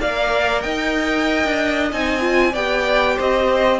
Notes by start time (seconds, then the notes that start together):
0.00 A#3 A#4 D5 F5
0.61 D#4 D#5 G5
1.45 D4
1.92 C4 D#4 G#5
2.21 F4
2.53 B3 G4 D5 G5
3.16 C4 C5 D#5